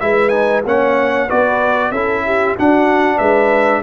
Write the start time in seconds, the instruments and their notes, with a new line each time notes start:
0.00 tuba G#3, trombone E4, horn B4, trumpet E5
0.29 trombone D#4, trumpet G#5
0.65 tuba A#3, trombone C#4, horn C#5, trumpet F#5
1.27 tuba B3, trombone F#4, horn B4, trumpet D5
1.92 tuba C#4, trombone E4, horn A4, trumpet E5
2.26 horn G4
2.57 trombone D4, tuba D4, horn F#4, trumpet F#5
3.17 tuba G#3, horn B4, trumpet E5